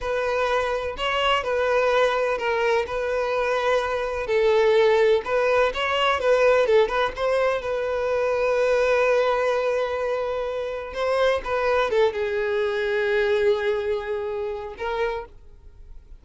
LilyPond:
\new Staff \with { instrumentName = "violin" } { \time 4/4 \tempo 4 = 126 b'2 cis''4 b'4~ | b'4 ais'4 b'2~ | b'4 a'2 b'4 | cis''4 b'4 a'8 b'8 c''4 |
b'1~ | b'2. c''4 | b'4 a'8 gis'2~ gis'8~ | gis'2. ais'4 | }